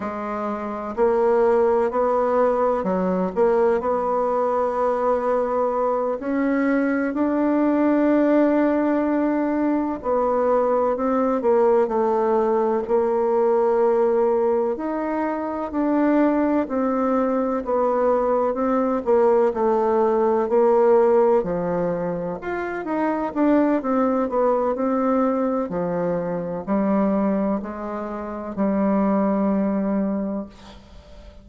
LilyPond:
\new Staff \with { instrumentName = "bassoon" } { \time 4/4 \tempo 4 = 63 gis4 ais4 b4 fis8 ais8 | b2~ b8 cis'4 d'8~ | d'2~ d'8 b4 c'8 | ais8 a4 ais2 dis'8~ |
dis'8 d'4 c'4 b4 c'8 | ais8 a4 ais4 f4 f'8 | dis'8 d'8 c'8 b8 c'4 f4 | g4 gis4 g2 | }